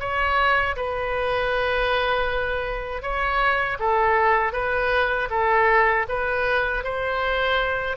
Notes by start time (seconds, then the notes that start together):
0.00 C#5
0.77 B4
3.02 C#5
3.80 A4
4.53 B4
5.31 A4
6.09 B4
6.84 C5